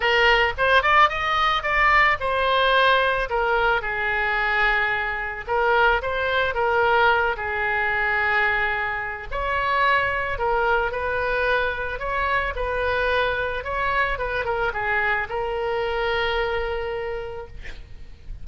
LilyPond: \new Staff \with { instrumentName = "oboe" } { \time 4/4 \tempo 4 = 110 ais'4 c''8 d''8 dis''4 d''4 | c''2 ais'4 gis'4~ | gis'2 ais'4 c''4 | ais'4. gis'2~ gis'8~ |
gis'4 cis''2 ais'4 | b'2 cis''4 b'4~ | b'4 cis''4 b'8 ais'8 gis'4 | ais'1 | }